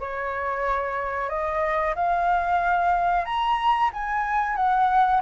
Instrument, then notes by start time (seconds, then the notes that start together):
flute
0.00 C#5
1.30 D#5
1.95 F5
3.25 A#5
3.93 G#5
4.56 F#5